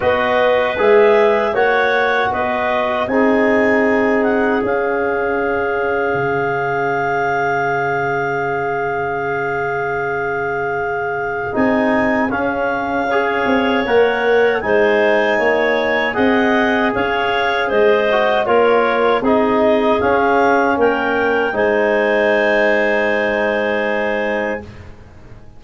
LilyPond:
<<
  \new Staff \with { instrumentName = "clarinet" } { \time 4/4 \tempo 4 = 78 dis''4 e''4 fis''4 dis''4 | gis''4. fis''8 f''2~ | f''1~ | f''2. gis''4 |
f''2 fis''4 gis''4~ | gis''4 fis''4 f''4 dis''4 | cis''4 dis''4 f''4 g''4 | gis''1 | }
  \new Staff \with { instrumentName = "clarinet" } { \time 4/4 b'2 cis''4 b'4 | gis'1~ | gis'1~ | gis'1~ |
gis'4 cis''2 c''4 | cis''4 dis''4 cis''4 c''4 | ais'4 gis'2 ais'4 | c''1 | }
  \new Staff \with { instrumentName = "trombone" } { \time 4/4 fis'4 gis'4 fis'2 | dis'2 cis'2~ | cis'1~ | cis'2. dis'4 |
cis'4 gis'4 ais'4 dis'4~ | dis'4 gis'2~ gis'8 fis'8 | f'4 dis'4 cis'2 | dis'1 | }
  \new Staff \with { instrumentName = "tuba" } { \time 4/4 b4 gis4 ais4 b4 | c'2 cis'2 | cis1~ | cis2. c'4 |
cis'4. c'8 ais4 gis4 | ais4 c'4 cis'4 gis4 | ais4 c'4 cis'4 ais4 | gis1 | }
>>